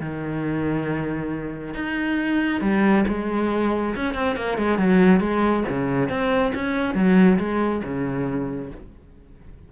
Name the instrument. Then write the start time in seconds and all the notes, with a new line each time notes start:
cello
0.00 D#3
1.74 D#4
2.61 G3
3.08 G#3
3.95 C#4
4.14 C4
4.36 A#3
4.58 G#3
4.78 F#3
5.20 G#3
5.69 C#3
6.09 C4
6.54 C#4
6.94 F#3
7.38 G#3
7.84 C#3